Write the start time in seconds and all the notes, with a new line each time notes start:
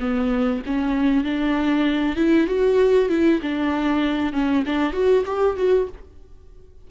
0.00 B3
0.66 C#4
1.24 D4
2.16 E4
2.47 F#4
3.09 E4
3.42 D4
4.33 C#4
4.66 D4
4.93 F#4
5.26 G4
5.57 F#4